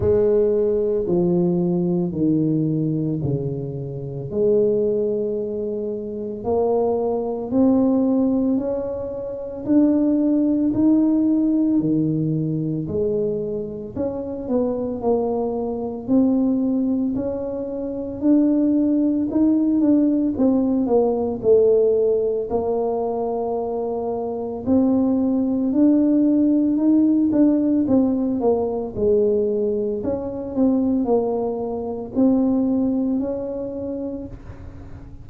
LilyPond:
\new Staff \with { instrumentName = "tuba" } { \time 4/4 \tempo 4 = 56 gis4 f4 dis4 cis4 | gis2 ais4 c'4 | cis'4 d'4 dis'4 dis4 | gis4 cis'8 b8 ais4 c'4 |
cis'4 d'4 dis'8 d'8 c'8 ais8 | a4 ais2 c'4 | d'4 dis'8 d'8 c'8 ais8 gis4 | cis'8 c'8 ais4 c'4 cis'4 | }